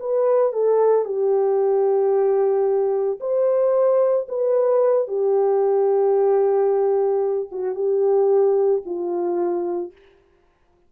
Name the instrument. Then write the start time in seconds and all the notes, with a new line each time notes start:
horn
0.00 B4
0.53 A4
1.05 G4
3.21 C5
4.29 B4
5.08 G4
7.52 F#4
7.76 G4
8.86 F4